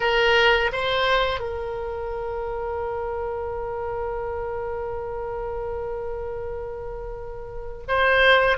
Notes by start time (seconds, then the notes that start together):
0.00 A#4
0.72 C5
1.40 A#4
7.88 C5